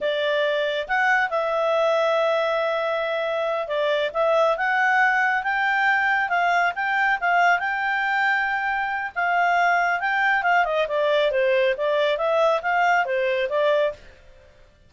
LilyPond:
\new Staff \with { instrumentName = "clarinet" } { \time 4/4 \tempo 4 = 138 d''2 fis''4 e''4~ | e''1~ | e''8 d''4 e''4 fis''4.~ | fis''8 g''2 f''4 g''8~ |
g''8 f''4 g''2~ g''8~ | g''4 f''2 g''4 | f''8 dis''8 d''4 c''4 d''4 | e''4 f''4 c''4 d''4 | }